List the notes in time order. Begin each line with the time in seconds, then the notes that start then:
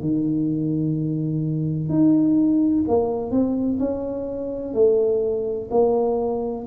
0.00 D#3
1.89 D#4
2.87 A#3
3.31 C4
3.79 C#4
4.74 A3
5.70 A#3